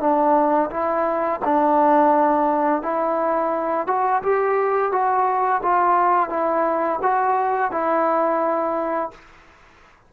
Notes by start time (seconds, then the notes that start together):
0.00 D4
0.70 E4
1.44 D4
2.82 E4
3.87 F#4
4.22 G4
4.92 F#4
5.63 F4
6.29 E4
7.02 F#4
7.71 E4